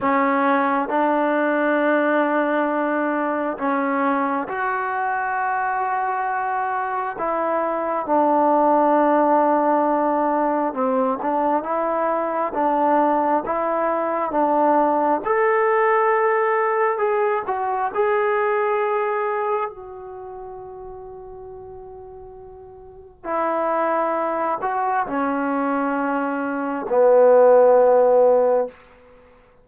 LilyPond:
\new Staff \with { instrumentName = "trombone" } { \time 4/4 \tempo 4 = 67 cis'4 d'2. | cis'4 fis'2. | e'4 d'2. | c'8 d'8 e'4 d'4 e'4 |
d'4 a'2 gis'8 fis'8 | gis'2 fis'2~ | fis'2 e'4. fis'8 | cis'2 b2 | }